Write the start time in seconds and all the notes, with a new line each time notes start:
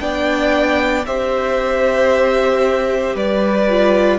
0.00 B3 D4 D5 G5
1.06 C4 G4 C5 E5
3.15 G3 B4 D5
3.69 F4